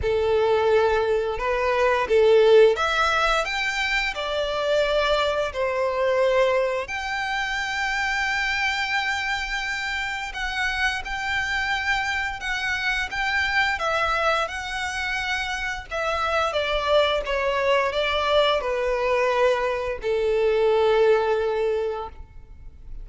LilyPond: \new Staff \with { instrumentName = "violin" } { \time 4/4 \tempo 4 = 87 a'2 b'4 a'4 | e''4 g''4 d''2 | c''2 g''2~ | g''2. fis''4 |
g''2 fis''4 g''4 | e''4 fis''2 e''4 | d''4 cis''4 d''4 b'4~ | b'4 a'2. | }